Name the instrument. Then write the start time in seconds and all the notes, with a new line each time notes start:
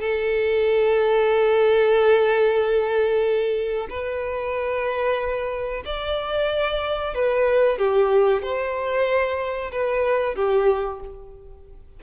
violin
0.00 A4
3.89 B4
5.85 D5
7.14 B4
7.78 G4
8.42 C5
9.71 B4
10.35 G4